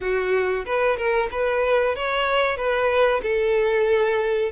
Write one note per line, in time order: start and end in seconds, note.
0.00 0.65 F#4
0.65 0.97 B4
0.97 1.29 A#4
1.31 1.95 B4
1.95 2.56 C#5
2.56 3.21 B4
3.22 4.51 A4